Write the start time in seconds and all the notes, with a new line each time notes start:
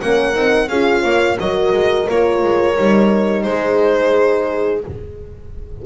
0.00 A#3 C#4 A#4 F#5
0.33 C4 D#4
0.68 C#4 F4 G#4 F5
1.01 A#3 C#5
1.37 F#3 F#4 A#4 D#5
1.72 G#3
2.08 A#3 F4 C#5
2.42 G#3
2.75 G3 D#4
3.42 G#3 G#4 C5